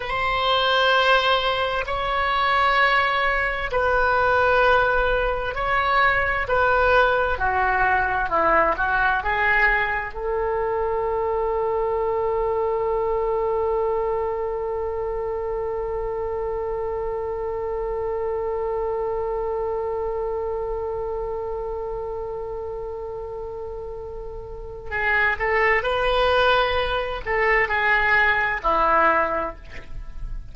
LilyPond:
\new Staff \with { instrumentName = "oboe" } { \time 4/4 \tempo 4 = 65 c''2 cis''2 | b'2 cis''4 b'4 | fis'4 e'8 fis'8 gis'4 a'4~ | a'1~ |
a'1~ | a'1~ | a'2. gis'8 a'8 | b'4. a'8 gis'4 e'4 | }